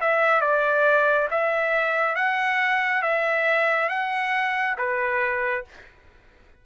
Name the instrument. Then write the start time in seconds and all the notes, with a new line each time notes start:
trumpet
0.00 E5
0.41 D5
1.30 E5
2.15 F#5
3.02 E5
3.89 F#5
4.77 B4